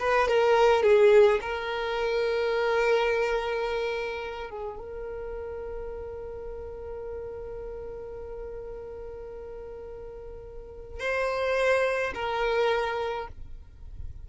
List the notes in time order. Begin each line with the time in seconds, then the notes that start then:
0.00 B4
0.28 A#4
0.83 G#4
1.42 A#4
4.51 G#4
4.79 A#4
11.00 C5
12.15 A#4